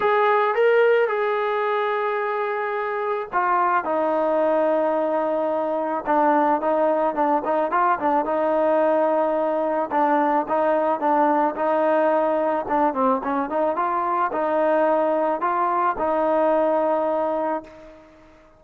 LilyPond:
\new Staff \with { instrumentName = "trombone" } { \time 4/4 \tempo 4 = 109 gis'4 ais'4 gis'2~ | gis'2 f'4 dis'4~ | dis'2. d'4 | dis'4 d'8 dis'8 f'8 d'8 dis'4~ |
dis'2 d'4 dis'4 | d'4 dis'2 d'8 c'8 | cis'8 dis'8 f'4 dis'2 | f'4 dis'2. | }